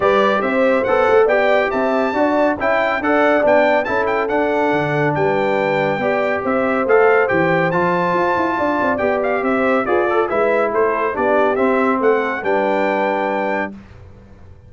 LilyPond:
<<
  \new Staff \with { instrumentName = "trumpet" } { \time 4/4 \tempo 4 = 140 d''4 e''4 fis''4 g''4 | a''2 g''4 fis''4 | g''4 a''8 g''8 fis''2 | g''2. e''4 |
f''4 g''4 a''2~ | a''4 g''8 f''8 e''4 d''4 | e''4 c''4 d''4 e''4 | fis''4 g''2. | }
  \new Staff \with { instrumentName = "horn" } { \time 4/4 b'4 c''2 d''4 | e''4 d''4 e''4 d''4~ | d''4 a'2. | b'2 d''4 c''4~ |
c''1 | d''2 c''4 b'8 a'8 | b'4 a'4 g'2 | a'4 b'2. | }
  \new Staff \with { instrumentName = "trombone" } { \time 4/4 g'2 a'4 g'4~ | g'4 fis'4 e'4 a'4 | d'4 e'4 d'2~ | d'2 g'2 |
a'4 g'4 f'2~ | f'4 g'2 gis'8 a'8 | e'2 d'4 c'4~ | c'4 d'2. | }
  \new Staff \with { instrumentName = "tuba" } { \time 4/4 g4 c'4 b8 a8 b4 | c'4 d'4 cis'4 d'4 | b4 cis'4 d'4 d4 | g2 b4 c'4 |
a4 e4 f4 f'8 e'8 | d'8 c'8 b4 c'4 f'4 | gis4 a4 b4 c'4 | a4 g2. | }
>>